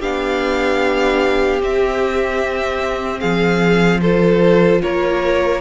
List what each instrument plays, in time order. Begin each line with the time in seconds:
0.00 cello B3, viola D4, violin G4 F5
1.61 cello C4, viola C4, violin E5
3.21 cello F3, violin G#4 F5
4.02 viola F4, violin A4 C5
4.83 cello A#3, violin A#4 C#5